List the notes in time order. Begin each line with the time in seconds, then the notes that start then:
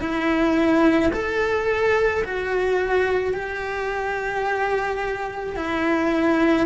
0.00 E4
1.12 A4
2.24 F#4
3.33 G4
5.56 E4